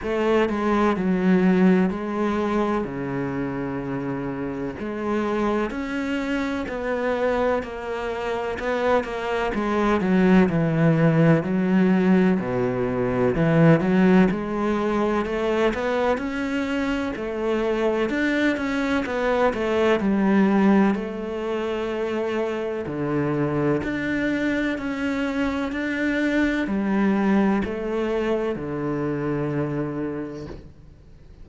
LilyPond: \new Staff \with { instrumentName = "cello" } { \time 4/4 \tempo 4 = 63 a8 gis8 fis4 gis4 cis4~ | cis4 gis4 cis'4 b4 | ais4 b8 ais8 gis8 fis8 e4 | fis4 b,4 e8 fis8 gis4 |
a8 b8 cis'4 a4 d'8 cis'8 | b8 a8 g4 a2 | d4 d'4 cis'4 d'4 | g4 a4 d2 | }